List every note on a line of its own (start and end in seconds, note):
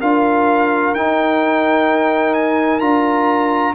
0.00 0.95 D4
0.00 0.96 F4
0.00 3.75 A#4
0.00 0.95 F5
0.95 2.81 D#4
0.95 2.34 G5
2.34 2.80 G#5
2.80 3.75 D4
2.80 3.75 F4
2.80 3.74 A#5